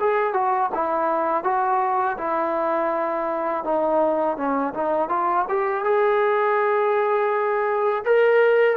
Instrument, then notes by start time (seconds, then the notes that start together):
trombone
0.00 G#4
0.34 F#4
0.75 E4
1.44 F#4
2.18 E4
3.65 D#4
4.37 C#4
4.74 D#4
5.09 F4
5.49 G4
5.84 G#4
8.06 A#4